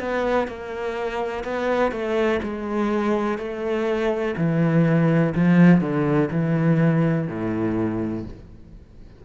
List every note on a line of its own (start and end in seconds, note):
0.00 0.48 B3
0.48 1.44 A#3
1.44 1.92 B3
1.92 2.40 A3
2.43 3.38 G#3
3.38 4.35 A3
4.38 5.34 E3
5.35 5.81 F3
5.81 6.29 D3
6.31 7.28 E3
7.28 8.25 A2